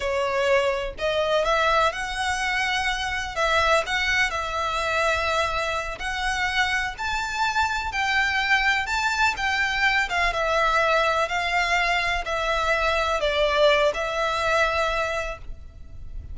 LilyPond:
\new Staff \with { instrumentName = "violin" } { \time 4/4 \tempo 4 = 125 cis''2 dis''4 e''4 | fis''2. e''4 | fis''4 e''2.~ | e''8 fis''2 a''4.~ |
a''8 g''2 a''4 g''8~ | g''4 f''8 e''2 f''8~ | f''4. e''2 d''8~ | d''4 e''2. | }